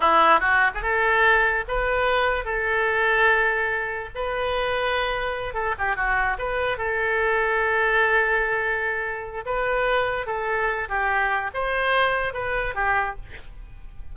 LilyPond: \new Staff \with { instrumentName = "oboe" } { \time 4/4 \tempo 4 = 146 e'4 fis'8. gis'16 a'2 | b'2 a'2~ | a'2 b'2~ | b'4. a'8 g'8 fis'4 b'8~ |
b'8 a'2.~ a'8~ | a'2. b'4~ | b'4 a'4. g'4. | c''2 b'4 g'4 | }